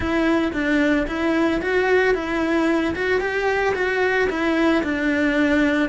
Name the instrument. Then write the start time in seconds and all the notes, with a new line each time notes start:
cello
0.00 E4
0.52 D4
1.07 E4
1.61 F#4
2.14 E4
2.95 F#4
3.20 G4
3.75 F#4
4.29 E4
4.83 D4